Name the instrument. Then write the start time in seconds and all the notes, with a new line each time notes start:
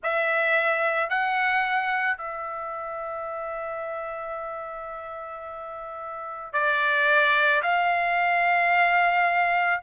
trumpet
0.03 E5
1.09 F#5
2.17 E5
6.53 D5
7.62 F5